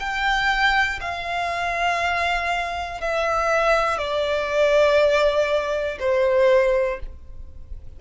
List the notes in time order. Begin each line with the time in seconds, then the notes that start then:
0.00 G5
1.01 F5
3.01 E5
3.98 D5
6.00 C5